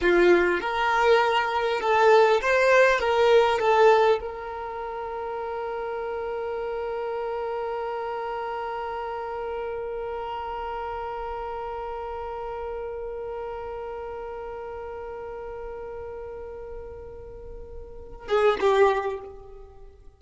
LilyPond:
\new Staff \with { instrumentName = "violin" } { \time 4/4 \tempo 4 = 100 f'4 ais'2 a'4 | c''4 ais'4 a'4 ais'4~ | ais'1~ | ais'1~ |
ais'1~ | ais'1~ | ais'1~ | ais'2~ ais'8 gis'8 g'4 | }